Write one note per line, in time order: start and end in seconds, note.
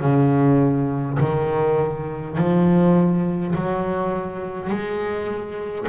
0.00 1.18 C#3
1.20 2.37 D#3
2.37 3.55 F3
3.55 4.69 F#3
4.69 5.87 G#3